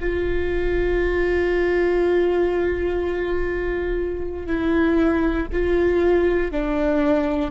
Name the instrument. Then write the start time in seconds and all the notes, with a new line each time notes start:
viola
0.00 F4
4.47 E4
5.53 F4
6.51 D4